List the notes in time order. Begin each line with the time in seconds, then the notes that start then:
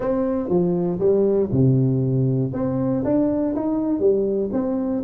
0.00 C4
0.49 F3
0.99 G3
1.51 C3
2.53 C4
3.04 D4
3.55 D#4
3.99 G3
4.52 C4